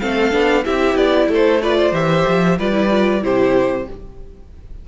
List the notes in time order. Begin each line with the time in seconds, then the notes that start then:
0.00 A3 C4 A4 F5
0.31 B3 D4
0.64 C4 E4 G4 E5
0.95 B3 D5
1.28 A3 A4 C5
1.62 F4 B4 D5
1.77 C5
1.92 E3 G4 E5
2.28 F3
2.59 G3 F4 B4 D5
2.73 E4
2.90 F4
3.21 C3 E4 G4 C5